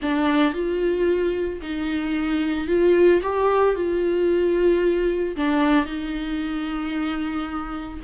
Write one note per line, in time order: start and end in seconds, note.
0.02 0.53 D4
0.53 1.60 F4
1.61 2.67 D#4
2.67 3.21 F4
3.22 3.75 G4
3.75 5.36 F4
5.36 5.85 D4
5.85 8.00 D#4